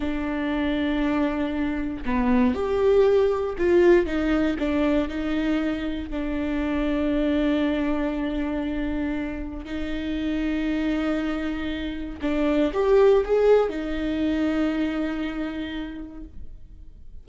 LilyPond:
\new Staff \with { instrumentName = "viola" } { \time 4/4 \tempo 4 = 118 d'1 | b4 g'2 f'4 | dis'4 d'4 dis'2 | d'1~ |
d'2. dis'4~ | dis'1 | d'4 g'4 gis'4 dis'4~ | dis'1 | }